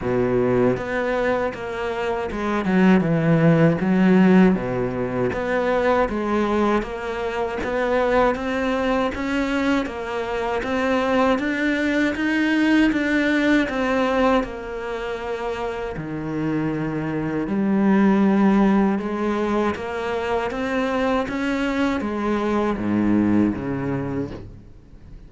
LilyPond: \new Staff \with { instrumentName = "cello" } { \time 4/4 \tempo 4 = 79 b,4 b4 ais4 gis8 fis8 | e4 fis4 b,4 b4 | gis4 ais4 b4 c'4 | cis'4 ais4 c'4 d'4 |
dis'4 d'4 c'4 ais4~ | ais4 dis2 g4~ | g4 gis4 ais4 c'4 | cis'4 gis4 gis,4 cis4 | }